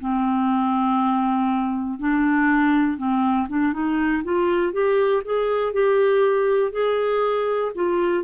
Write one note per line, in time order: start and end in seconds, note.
0.00 1.99 C4
1.99 2.98 D4
2.98 3.48 C4
3.49 3.73 D4
3.73 4.23 D#4
4.24 4.73 F4
4.73 5.23 G4
5.25 5.74 G#4
5.74 6.72 G4
6.72 7.72 G#4
7.75 8.24 F4